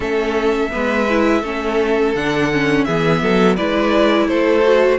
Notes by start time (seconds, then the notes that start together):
0.00 A3 C#4 A4 E5
0.70 G#3 B3 B4
1.09 E4
1.41 A3 C#4 A4
2.14 D3 D4 F#5
2.52 C#4
2.84 E3 B3 G#4 E5
3.22 F#3 A4
3.56 G#3 E4 B4 D5
4.28 A3 A4 C5
4.62 F#4